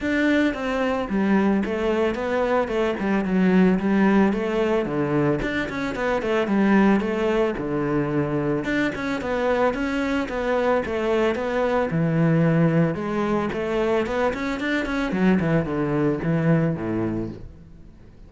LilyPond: \new Staff \with { instrumentName = "cello" } { \time 4/4 \tempo 4 = 111 d'4 c'4 g4 a4 | b4 a8 g8 fis4 g4 | a4 d4 d'8 cis'8 b8 a8 | g4 a4 d2 |
d'8 cis'8 b4 cis'4 b4 | a4 b4 e2 | gis4 a4 b8 cis'8 d'8 cis'8 | fis8 e8 d4 e4 a,4 | }